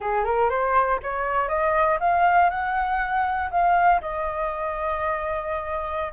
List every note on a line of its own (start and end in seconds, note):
0.00 0.24 G#4
0.24 0.49 A#4
0.49 0.99 C5
1.02 1.48 C#5
1.48 1.98 D#5
2.00 2.50 F5
2.50 3.50 F#5
3.50 4.00 F5
4.01 6.12 D#5